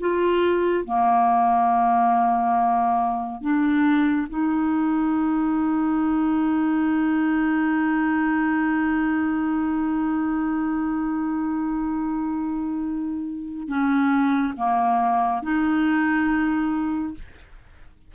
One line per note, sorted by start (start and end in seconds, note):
0.00 0.85 F4
0.85 3.42 A#3
3.42 4.27 D4
4.29 13.68 D#4
13.68 14.54 C#4
14.57 15.42 A#3
15.43 17.14 D#4